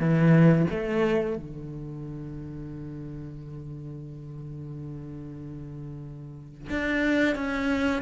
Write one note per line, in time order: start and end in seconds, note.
0.00 0.67 E3
0.70 1.37 A3
1.37 6.70 D3
6.70 7.35 D4
7.35 8.02 C#4